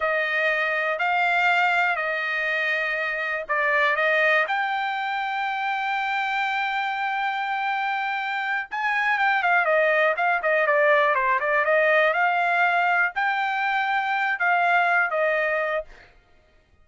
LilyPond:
\new Staff \with { instrumentName = "trumpet" } { \time 4/4 \tempo 4 = 121 dis''2 f''2 | dis''2. d''4 | dis''4 g''2.~ | g''1~ |
g''4. gis''4 g''8 f''8 dis''8~ | dis''8 f''8 dis''8 d''4 c''8 d''8 dis''8~ | dis''8 f''2 g''4.~ | g''4 f''4. dis''4. | }